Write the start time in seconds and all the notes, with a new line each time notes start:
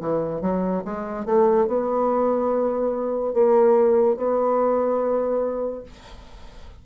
0.00 E3
0.41 F#3
0.85 G#3
1.26 A3
1.67 B3
3.34 A#3
4.17 B3